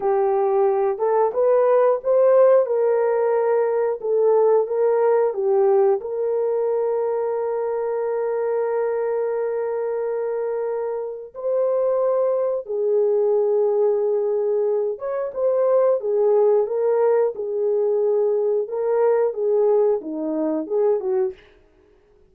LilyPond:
\new Staff \with { instrumentName = "horn" } { \time 4/4 \tempo 4 = 90 g'4. a'8 b'4 c''4 | ais'2 a'4 ais'4 | g'4 ais'2.~ | ais'1~ |
ais'4 c''2 gis'4~ | gis'2~ gis'8 cis''8 c''4 | gis'4 ais'4 gis'2 | ais'4 gis'4 dis'4 gis'8 fis'8 | }